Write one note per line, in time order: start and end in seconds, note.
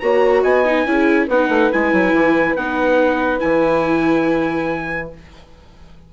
0.00 0.44 A#3
0.00 0.66 F#4
0.00 0.43 C#5
0.00 0.42 A#5
0.43 0.86 B3
0.43 0.85 D#5
0.43 1.28 G#5
0.66 0.86 D#4
0.86 1.28 C#4
0.86 1.28 E4
0.86 1.27 G#4
1.27 1.49 B3
1.27 1.73 D#4
1.27 5.08 B4
1.27 1.72 F#5
1.49 1.70 A3
1.72 1.93 G#3
1.72 2.58 E4
1.72 2.56 G#5
1.93 2.14 F#3
2.14 2.56 E3
2.56 3.41 B3
2.56 3.39 D#4
2.56 3.40 F#5
3.39 5.13 E3
3.39 5.08 E4
3.39 5.09 G#5